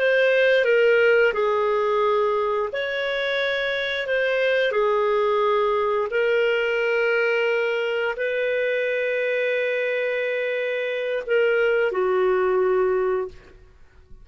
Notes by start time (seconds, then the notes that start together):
0.00 C5
0.65 A#4
1.34 G#4
2.73 C#5
4.08 C5
4.72 G#4
6.11 A#4
8.17 B4
11.27 A#4
11.93 F#4